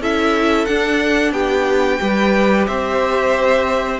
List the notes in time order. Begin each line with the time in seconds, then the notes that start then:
0.00 C#4 E4 A4 E5
0.66 D4 F#5
1.32 B3 G4 G5
2.01 G3 G4 B4
2.67 C4 C5 E5